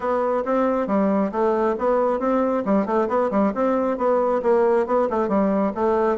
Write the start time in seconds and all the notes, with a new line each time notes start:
0.00 B3
0.45 C4
0.87 G3
1.31 A3
1.78 B3
2.19 C4
2.65 G3
2.86 A3
3.08 B3
3.30 G3
3.54 C4
3.97 B3
4.42 A#3
4.86 B3
5.10 A3
5.28 G3
5.74 A3